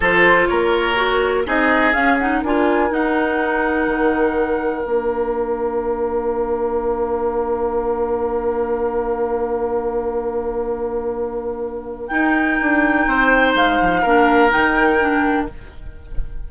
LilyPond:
<<
  \new Staff \with { instrumentName = "flute" } { \time 4/4 \tempo 4 = 124 c''4 cis''2 dis''4 | f''8 fis''8 gis''4 fis''2~ | fis''2 f''2~ | f''1~ |
f''1~ | f''1~ | f''4 g''2. | f''2 g''2 | }
  \new Staff \with { instrumentName = "oboe" } { \time 4/4 a'4 ais'2 gis'4~ | gis'4 ais'2.~ | ais'1~ | ais'1~ |
ais'1~ | ais'1~ | ais'2. c''4~ | c''4 ais'2. | }
  \new Staff \with { instrumentName = "clarinet" } { \time 4/4 f'2 fis'4 dis'4 | cis'8 dis'8 f'4 dis'2~ | dis'2 d'2~ | d'1~ |
d'1~ | d'1~ | d'4 dis'2.~ | dis'4 d'4 dis'4 d'4 | }
  \new Staff \with { instrumentName = "bassoon" } { \time 4/4 f4 ais2 c'4 | cis'4 d'4 dis'2 | dis2 ais2~ | ais1~ |
ais1~ | ais1~ | ais4 dis'4 d'4 c'4 | gis8 f8 ais4 dis2 | }
>>